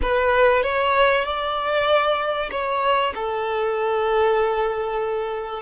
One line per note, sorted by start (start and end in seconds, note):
0.02 0.62 B4
0.62 1.24 C#5
1.24 2.49 D5
2.51 3.13 C#5
3.14 5.62 A4